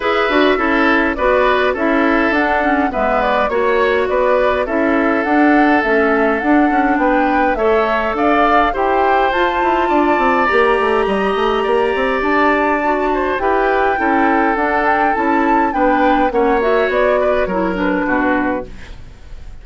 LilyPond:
<<
  \new Staff \with { instrumentName = "flute" } { \time 4/4 \tempo 4 = 103 e''2 d''4 e''4 | fis''4 e''8 d''8 cis''4 d''4 | e''4 fis''4 e''4 fis''4 | g''4 e''4 f''4 g''4 |
a''2 ais''2~ | ais''4 a''2 g''4~ | g''4 fis''8 g''8 a''4 g''4 | fis''8 e''8 d''4 cis''8 b'4. | }
  \new Staff \with { instrumentName = "oboe" } { \time 4/4 b'4 a'4 b'4 a'4~ | a'4 b'4 cis''4 b'4 | a'1 | b'4 cis''4 d''4 c''4~ |
c''4 d''2 dis''4 | d''2~ d''8 c''8 b'4 | a'2. b'4 | cis''4. b'8 ais'4 fis'4 | }
  \new Staff \with { instrumentName = "clarinet" } { \time 4/4 gis'8 fis'8 e'4 fis'4 e'4 | d'8 cis'8 b4 fis'2 | e'4 d'4 cis'4 d'4~ | d'4 a'2 g'4 |
f'2 g'2~ | g'2 fis'4 g'4 | e'4 d'4 e'4 d'4 | cis'8 fis'4. e'8 d'4. | }
  \new Staff \with { instrumentName = "bassoon" } { \time 4/4 e'8 d'8 cis'4 b4 cis'4 | d'4 gis4 ais4 b4 | cis'4 d'4 a4 d'8 cis'8 | b4 a4 d'4 e'4 |
f'8 e'8 d'8 c'8 ais8 a8 g8 a8 | ais8 c'8 d'2 e'4 | cis'4 d'4 cis'4 b4 | ais4 b4 fis4 b,4 | }
>>